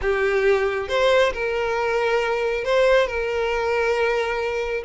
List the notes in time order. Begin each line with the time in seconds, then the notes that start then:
0.01 G4
0.88 C5
1.33 A#4
2.64 C5
3.07 A#4